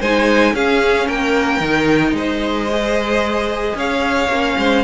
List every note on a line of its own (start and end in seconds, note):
0.00 0.54 G#3
0.00 0.55 D#4
0.00 0.54 C5
0.00 0.55 G#5
0.54 1.08 C#4
0.54 1.62 C#4
0.54 1.07 G#4
0.54 1.09 F5
1.07 1.60 A#3
1.07 2.14 A#4
1.07 2.16 G5
1.60 2.13 D#3
1.60 2.69 D#4
2.13 3.74 G#3
2.13 3.77 C5
2.13 3.78 D#5
2.71 4.31 G#4
3.75 4.28 C#4
3.75 4.58 C#5
3.75 4.84 F5
4.29 4.56 A#3
4.29 4.84 C#4
4.58 4.84 G#3
4.58 4.84 C5